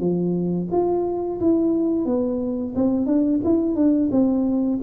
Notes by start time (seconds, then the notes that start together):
0.00 F3
0.72 F4
1.40 E4
2.05 B3
2.76 C4
3.07 D4
3.44 E4
3.75 D4
4.11 C4